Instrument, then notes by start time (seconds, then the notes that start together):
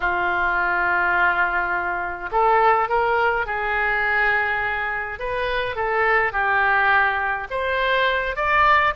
oboe
0.00 F4
2.31 A4
2.88 A#4
3.46 G#4
5.19 B4
5.75 A4
6.32 G4
7.50 C5
8.35 D5